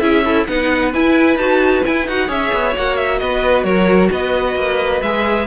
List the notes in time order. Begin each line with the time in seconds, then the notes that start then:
0.00 C#4 E4 G#4 E5
0.25 E4 A4
0.48 B3 D#4 B4 F#5
0.94 E4 G#5
1.37 D#4 F#4 A5
1.84 E4 G#5
2.08 D#4 F#4 F#5
2.28 C#4 G#4 C#5 E5
2.53 B3
2.76 A#3 F#4 F#5
2.97 E5
3.19 B3 B4 D#5
3.64 F#3 A#4 C#5
4.12 B3 B4 D#5
4.56 A#3
5.03 G#3 G#4 E5